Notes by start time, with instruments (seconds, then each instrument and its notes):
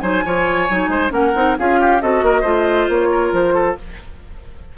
0.00 bassoon F#3, clarinet D#4, oboe C5, flute G#5
0.25 bassoon F3, clarinet F4, oboe C#5
0.70 bassoon F#3, clarinet D#4
0.89 bassoon G#3, oboe C5
1.10 bassoon A#3, clarinet C#4, oboe A#4, flute F#5
1.35 bassoon C4, clarinet D#4
1.59 bassoon C#4, clarinet F4, oboe G#4, flute F5
1.80 oboe G4
2.01 bassoon C4, clarinet F#4, oboe A4, flute D#5
2.23 bassoon A#3, oboe A#4
2.41 bassoon A3, clarinet F4, oboe C5
2.89 bassoon A#3, flute C#5
3.11 oboe A#4
3.32 bassoon F3, flute C5
3.54 oboe A4